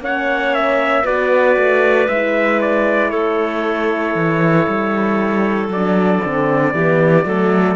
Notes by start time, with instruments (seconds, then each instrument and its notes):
0.00 cello A#3, horn C#4, clarinet C#5, trumpet F#5
0.55 trumpet E5
1.04 cello B3, horn F#4, clarinet B4, trumpet D5
1.56 cello A3
2.08 cello G#3, horn E4, trumpet E5
2.61 trumpet D5
3.10 cello A3, clarinet A4, trumpet C#5
4.15 cello E3
4.67 cello G3
5.68 cello F#3, trumpet D5
5.75 horn D4
6.24 cello D3, horn C4
6.74 cello E3, horn B3, clarinet G4
7.25 cello F#3, horn A3, clarinet A4